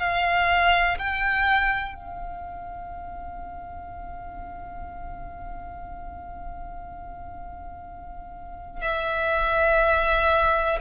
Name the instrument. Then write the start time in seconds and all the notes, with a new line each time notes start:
violin
0.00 F5
0.99 G5
1.95 F5
8.82 E5